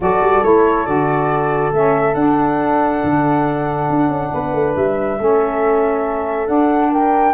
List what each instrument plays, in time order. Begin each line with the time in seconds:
0.00 tuba F#3, saxophone F#4, horn A4, flute D5
0.21 tuba G3
0.43 tuba A3, saxophone E4, flute C#5
0.85 tuba D3, saxophone F#4, flute D5
1.72 tuba A3, saxophone C#4, flute E5
2.14 tuba D4, saxophone D4, flute F#5
3.03 tuba D3
3.89 tuba D4
4.08 tuba C#4
4.32 tuba B3, horn B4
4.53 tuba A3
4.76 tuba G3, flute E5
5.18 tuba A3, saxophone C#4, horn A4
6.47 saxophone D4, tuba D4, flute F#5
6.91 horn A#4, flute G5